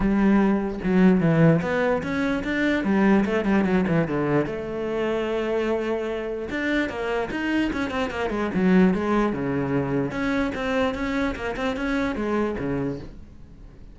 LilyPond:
\new Staff \with { instrumentName = "cello" } { \time 4/4 \tempo 4 = 148 g2 fis4 e4 | b4 cis'4 d'4 g4 | a8 g8 fis8 e8 d4 a4~ | a1 |
d'4 ais4 dis'4 cis'8 c'8 | ais8 gis8 fis4 gis4 cis4~ | cis4 cis'4 c'4 cis'4 | ais8 c'8 cis'4 gis4 cis4 | }